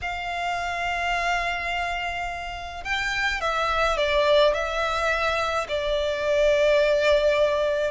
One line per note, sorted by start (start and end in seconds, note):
0.01 2.84 F5
2.84 3.40 G5
3.40 3.97 E5
3.97 4.54 D5
4.54 5.67 E5
5.68 7.91 D5